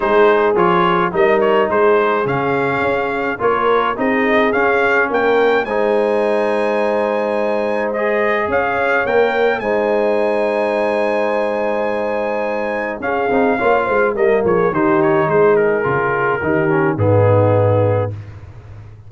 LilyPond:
<<
  \new Staff \with { instrumentName = "trumpet" } { \time 4/4 \tempo 4 = 106 c''4 cis''4 dis''8 cis''8 c''4 | f''2 cis''4 dis''4 | f''4 g''4 gis''2~ | gis''2 dis''4 f''4 |
g''4 gis''2.~ | gis''2. f''4~ | f''4 dis''8 cis''8 c''8 cis''8 c''8 ais'8~ | ais'2 gis'2 | }
  \new Staff \with { instrumentName = "horn" } { \time 4/4 gis'2 ais'4 gis'4~ | gis'2 ais'4 gis'4~ | gis'4 ais'4 c''2~ | c''2. cis''4~ |
cis''4 c''2.~ | c''2. gis'4 | cis''8 c''8 ais'8 gis'8 g'4 gis'4~ | gis'4 g'4 dis'2 | }
  \new Staff \with { instrumentName = "trombone" } { \time 4/4 dis'4 f'4 dis'2 | cis'2 f'4 dis'4 | cis'2 dis'2~ | dis'2 gis'2 |
ais'4 dis'2.~ | dis'2. cis'8 dis'8 | f'4 ais4 dis'2 | f'4 dis'8 cis'8 b2 | }
  \new Staff \with { instrumentName = "tuba" } { \time 4/4 gis4 f4 g4 gis4 | cis4 cis'4 ais4 c'4 | cis'4 ais4 gis2~ | gis2. cis'4 |
ais4 gis2.~ | gis2. cis'8 c'8 | ais8 gis8 g8 f8 dis4 gis4 | cis4 dis4 gis,2 | }
>>